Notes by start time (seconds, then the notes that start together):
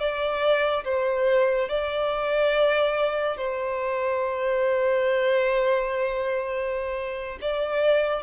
0.00 D5
0.85 C5
1.69 D5
3.38 C5
7.42 D5